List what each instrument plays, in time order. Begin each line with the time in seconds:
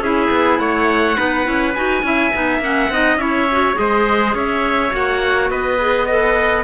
0.00 cello C#4, clarinet E4, trumpet G#4, oboe E5
0.30 cello B3
0.59 cello A3, trumpet C#5, oboe F#5
1.16 cello B3, clarinet D#4, trumpet B4
1.44 cello C#4, clarinet E4
1.74 cello D#4, clarinet F#4, oboe G#5
2.03 cello C#4, clarinet E4, trumpet E5
2.34 cello B3, clarinet D#4
2.60 cello A#3, clarinet C#4, oboe F#5
2.89 cello C4, clarinet D#4, trumpet D#5
3.17 cello C#4, clarinet E4, trumpet C#5, oboe E5
3.51 clarinet F#4
3.74 cello G#3, clarinet G#4, trumpet C5, oboe D#5
4.34 cello C#4, trumpet C#5, oboe E5
4.91 cello A#3, clarinet F#4, oboe F#5
5.50 cello B3, trumpet B4, oboe D#5
5.79 clarinet G#4
6.06 clarinet A4, oboe B4, trumpet D#5